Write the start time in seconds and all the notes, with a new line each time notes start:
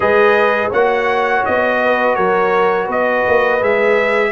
0.00 G#3 G#4 B4 D#5
0.69 A#3 F#4 C#5 F#5
1.45 B3 D#5
1.84 B4
2.15 F#3 A#4 C#5
2.85 B3 B4
2.91 D#5
3.28 A#3
3.60 G#3 G#4 E5